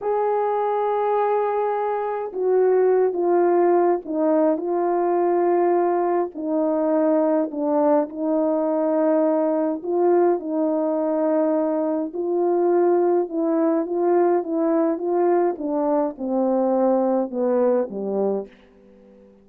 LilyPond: \new Staff \with { instrumentName = "horn" } { \time 4/4 \tempo 4 = 104 gis'1 | fis'4. f'4. dis'4 | f'2. dis'4~ | dis'4 d'4 dis'2~ |
dis'4 f'4 dis'2~ | dis'4 f'2 e'4 | f'4 e'4 f'4 d'4 | c'2 b4 g4 | }